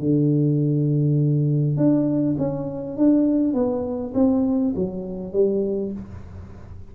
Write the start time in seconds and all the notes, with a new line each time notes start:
0.00 D3
1.77 D4
2.38 C#4
2.97 D4
3.54 B3
4.15 C4
4.76 F#3
5.33 G3